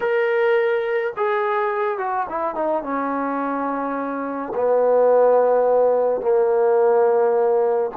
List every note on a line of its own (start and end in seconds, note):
0.00 1.13 A#4
1.16 1.98 G#4
1.98 2.26 F#4
2.29 2.54 E4
2.54 2.83 D#4
2.83 4.52 C#4
4.55 6.21 B3
6.21 7.91 A#3